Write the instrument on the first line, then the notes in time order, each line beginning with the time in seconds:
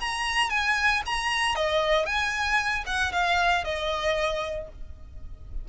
violin
0.00 A#5
0.50 G#5
1.06 A#5
1.56 D#5
2.06 G#5
2.86 F#5
3.12 F5
3.64 D#5